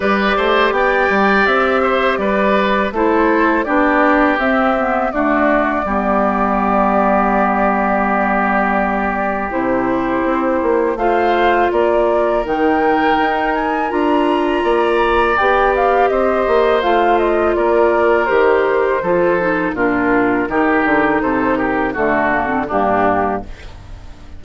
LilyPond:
<<
  \new Staff \with { instrumentName = "flute" } { \time 4/4 \tempo 4 = 82 d''4 g''4 e''4 d''4 | c''4 d''4 e''4 d''4~ | d''1~ | d''4 c''2 f''4 |
d''4 g''4. gis''8 ais''4~ | ais''4 g''8 f''8 dis''4 f''8 dis''8 | d''4 c''2 ais'4~ | ais'4 c''8 ais'8 a'4 g'4 | }
  \new Staff \with { instrumentName = "oboe" } { \time 4/4 b'8 c''8 d''4. c''8 b'4 | a'4 g'2 fis'4 | g'1~ | g'2. c''4 |
ais'1 | d''2 c''2 | ais'2 a'4 f'4 | g'4 a'8 g'8 fis'4 d'4 | }
  \new Staff \with { instrumentName = "clarinet" } { \time 4/4 g'1 | e'4 d'4 c'8 b8 a4 | b1~ | b4 e'2 f'4~ |
f'4 dis'2 f'4~ | f'4 g'2 f'4~ | f'4 g'4 f'8 dis'8 d'4 | dis'2 a8 ais16 c'16 ais4 | }
  \new Staff \with { instrumentName = "bassoon" } { \time 4/4 g8 a8 b8 g8 c'4 g4 | a4 b4 c'4 d'4 | g1~ | g4 c4 c'8 ais8 a4 |
ais4 dis4 dis'4 d'4 | ais4 b4 c'8 ais8 a4 | ais4 dis4 f4 ais,4 | dis8 d8 c4 d4 g,4 | }
>>